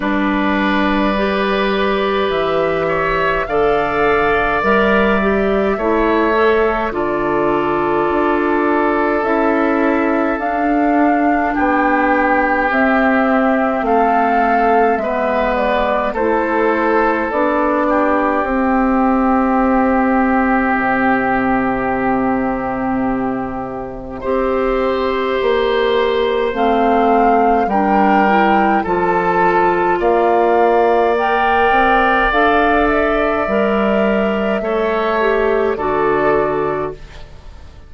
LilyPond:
<<
  \new Staff \with { instrumentName = "flute" } { \time 4/4 \tempo 4 = 52 d''2 e''4 f''4 | e''2 d''2 | e''4 f''4 g''4 e''4 | f''4 e''8 d''8 c''4 d''4 |
e''1~ | e''2. f''4 | g''4 a''4 f''4 g''4 | f''8 e''2~ e''8 d''4 | }
  \new Staff \with { instrumentName = "oboe" } { \time 4/4 b'2~ b'8 cis''8 d''4~ | d''4 cis''4 a'2~ | a'2 g'2 | a'4 b'4 a'4. g'8~ |
g'1~ | g'4 c''2. | ais'4 a'4 d''2~ | d''2 cis''4 a'4 | }
  \new Staff \with { instrumentName = "clarinet" } { \time 4/4 d'4 g'2 a'4 | ais'8 g'8 e'8 a'8 f'2 | e'4 d'2 c'4~ | c'4 b4 e'4 d'4 |
c'1~ | c'4 g'2 c'4 | d'8 e'8 f'2 ais'4 | a'4 ais'4 a'8 g'8 fis'4 | }
  \new Staff \with { instrumentName = "bassoon" } { \time 4/4 g2 e4 d4 | g4 a4 d4 d'4 | cis'4 d'4 b4 c'4 | a4 gis4 a4 b4 |
c'2 c2~ | c4 c'4 ais4 a4 | g4 f4 ais4. c'8 | d'4 g4 a4 d4 | }
>>